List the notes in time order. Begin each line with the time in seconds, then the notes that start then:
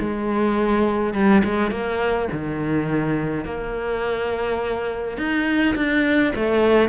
0.00 G#3
1.14 G3
1.44 G#3
1.71 A#3
2.32 D#3
3.45 A#3
5.18 D#4
5.76 D4
6.35 A3